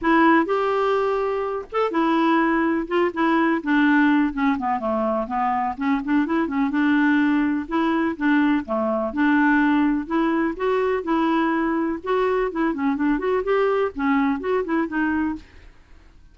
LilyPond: \new Staff \with { instrumentName = "clarinet" } { \time 4/4 \tempo 4 = 125 e'4 g'2~ g'8 a'8 | e'2 f'8 e'4 d'8~ | d'4 cis'8 b8 a4 b4 | cis'8 d'8 e'8 cis'8 d'2 |
e'4 d'4 a4 d'4~ | d'4 e'4 fis'4 e'4~ | e'4 fis'4 e'8 cis'8 d'8 fis'8 | g'4 cis'4 fis'8 e'8 dis'4 | }